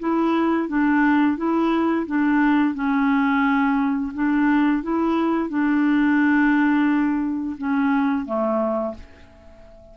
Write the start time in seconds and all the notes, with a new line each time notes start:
0.00 E4
0.69 D4
1.37 E4
2.07 D4
2.75 C#4
4.14 D4
4.83 E4
5.50 D4
7.58 C#4
8.26 A3